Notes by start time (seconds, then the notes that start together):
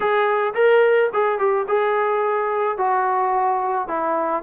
0.00 G#4
0.54 A#4
1.13 G#4
1.38 G4
1.68 G#4
2.77 F#4
3.88 E4